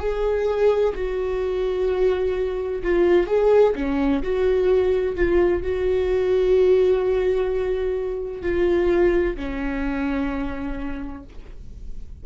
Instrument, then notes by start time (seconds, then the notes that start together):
viola
0.00 G#4
0.95 F#4
2.83 F4
3.27 G#4
3.75 C#4
4.23 F#4
5.16 F4
5.63 F#4
8.42 F4
9.36 C#4